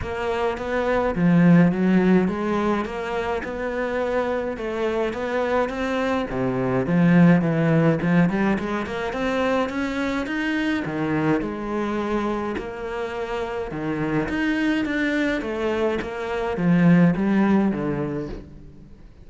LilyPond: \new Staff \with { instrumentName = "cello" } { \time 4/4 \tempo 4 = 105 ais4 b4 f4 fis4 | gis4 ais4 b2 | a4 b4 c'4 c4 | f4 e4 f8 g8 gis8 ais8 |
c'4 cis'4 dis'4 dis4 | gis2 ais2 | dis4 dis'4 d'4 a4 | ais4 f4 g4 d4 | }